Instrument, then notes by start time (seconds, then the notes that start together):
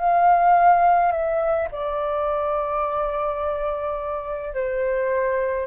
flute
0.00 F5
1.12 E5
1.71 D5
4.54 C5